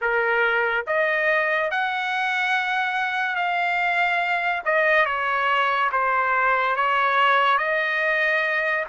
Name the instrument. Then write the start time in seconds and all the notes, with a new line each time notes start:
trumpet
0.01 A#4
0.86 D#5
1.70 F#5
3.35 F5
4.65 D#5
5.05 C#5
5.92 C5
6.76 C#5
7.57 D#5